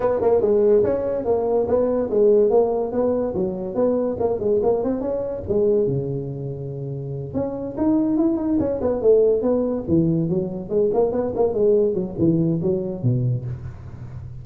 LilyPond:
\new Staff \with { instrumentName = "tuba" } { \time 4/4 \tempo 4 = 143 b8 ais8 gis4 cis'4 ais4 | b4 gis4 ais4 b4 | fis4 b4 ais8 gis8 ais8 c'8 | cis'4 gis4 cis2~ |
cis4. cis'4 dis'4 e'8 | dis'8 cis'8 b8 a4 b4 e8~ | e8 fis4 gis8 ais8 b8 ais8 gis8~ | gis8 fis8 e4 fis4 b,4 | }